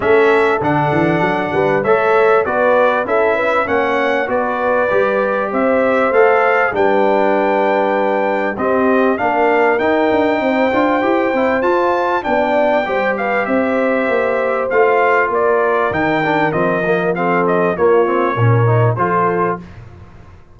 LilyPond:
<<
  \new Staff \with { instrumentName = "trumpet" } { \time 4/4 \tempo 4 = 98 e''4 fis''2 e''4 | d''4 e''4 fis''4 d''4~ | d''4 e''4 f''4 g''4~ | g''2 dis''4 f''4 |
g''2. a''4 | g''4. f''8 e''2 | f''4 d''4 g''4 dis''4 | f''8 dis''8 cis''2 c''4 | }
  \new Staff \with { instrumentName = "horn" } { \time 4/4 a'2~ a'8 b'8 cis''4 | b'4 a'8 b'8 cis''4 b'4~ | b'4 c''2 b'4~ | b'2 g'4 ais'4~ |
ais'4 c''2. | d''4 c''8 b'8 c''2~ | c''4 ais'2. | a'4 f'4 ais'4 a'4 | }
  \new Staff \with { instrumentName = "trombone" } { \time 4/4 cis'4 d'2 a'4 | fis'4 e'4 cis'4 fis'4 | g'2 a'4 d'4~ | d'2 c'4 d'4 |
dis'4. f'8 g'8 e'8 f'4 | d'4 g'2. | f'2 dis'8 d'8 c'8 ais8 | c'4 ais8 c'8 cis'8 dis'8 f'4 | }
  \new Staff \with { instrumentName = "tuba" } { \time 4/4 a4 d8 e8 fis8 g8 a4 | b4 cis'4 ais4 b4 | g4 c'4 a4 g4~ | g2 c'4 ais4 |
dis'8 d'8 c'8 d'8 e'8 c'8 f'4 | b4 g4 c'4 ais4 | a4 ais4 dis4 f4~ | f4 ais4 ais,4 f4 | }
>>